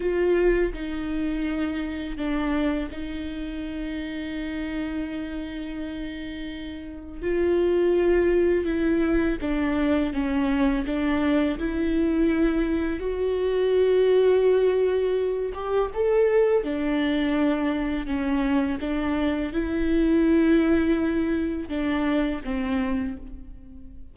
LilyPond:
\new Staff \with { instrumentName = "viola" } { \time 4/4 \tempo 4 = 83 f'4 dis'2 d'4 | dis'1~ | dis'2 f'2 | e'4 d'4 cis'4 d'4 |
e'2 fis'2~ | fis'4. g'8 a'4 d'4~ | d'4 cis'4 d'4 e'4~ | e'2 d'4 c'4 | }